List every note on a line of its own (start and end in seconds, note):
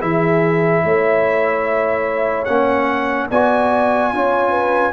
0.00 0.84 E3
0.00 2.47 E4
0.00 0.83 G#4
0.00 2.45 E5
0.84 2.47 A3
0.84 3.30 C#5
2.45 3.29 A#3
2.45 3.30 C#4
2.45 3.27 F#5
3.30 4.13 B3
3.30 4.14 F#4
3.30 4.12 D5
3.30 4.92 G#5
4.13 4.92 C#4
4.13 4.92 F4
4.13 4.50 C#5
4.50 4.91 B4